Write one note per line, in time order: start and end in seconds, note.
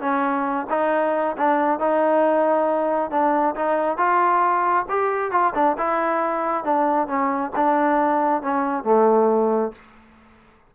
0.00 0.66 C#4
0.70 1.36 D#4
1.37 1.79 D4
1.79 3.10 D#4
3.10 3.55 D4
3.55 3.97 D#4
3.97 4.85 F4
4.89 5.31 G4
5.31 5.53 F4
5.54 5.76 D4
5.78 6.64 E4
6.64 7.07 D4
7.07 7.51 C#4
7.56 8.42 D4
8.42 8.84 C#4
8.84 9.72 A3